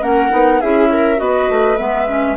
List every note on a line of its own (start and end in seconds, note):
0.00 0.31 A#3
0.00 0.30 C#4
0.00 0.60 A#4
0.00 0.61 F#5
0.30 0.61 B3
0.30 0.59 D#4
0.60 1.19 C#4
0.60 1.16 E4
0.60 0.90 G#4
0.60 1.19 E5
0.92 1.21 A#4
1.16 1.49 B3
1.16 1.76 F#4
1.16 2.37 B4
1.16 1.77 D#5
1.49 1.78 A3
1.77 2.37 G#3
1.77 2.06 B3
1.77 2.36 E5
2.07 2.37 C#4